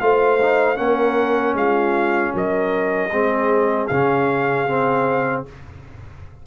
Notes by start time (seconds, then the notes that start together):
0.00 A3 F4 C5 F5
0.42 D#4
0.76 A#3 C#4 A#4 F#5
1.54 G#3 F4 F5
2.33 F#3 A#4 D#5
3.11 G#3 C4 G#4
3.87 C#3 C#4 F5
4.68 C4